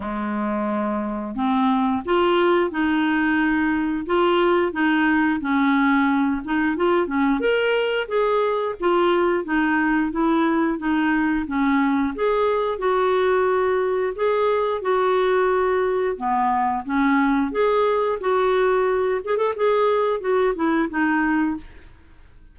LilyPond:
\new Staff \with { instrumentName = "clarinet" } { \time 4/4 \tempo 4 = 89 gis2 c'4 f'4 | dis'2 f'4 dis'4 | cis'4. dis'8 f'8 cis'8 ais'4 | gis'4 f'4 dis'4 e'4 |
dis'4 cis'4 gis'4 fis'4~ | fis'4 gis'4 fis'2 | b4 cis'4 gis'4 fis'4~ | fis'8 gis'16 a'16 gis'4 fis'8 e'8 dis'4 | }